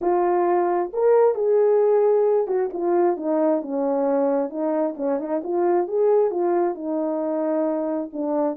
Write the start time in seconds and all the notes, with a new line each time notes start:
0.01 F4
0.93 A#4
1.34 G#4
2.47 F#4
2.73 F4
3.16 D#4
3.62 C#4
4.49 D#4
4.96 C#4
5.19 D#4
5.43 F4
5.87 G#4
6.30 F4
6.74 D#4
8.12 D4